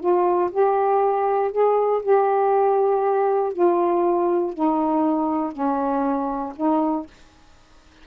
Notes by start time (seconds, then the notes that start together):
0.00 F4
0.51 G4
1.52 G#4
2.03 G4
3.53 F4
4.53 D#4
5.53 C#4
6.56 D#4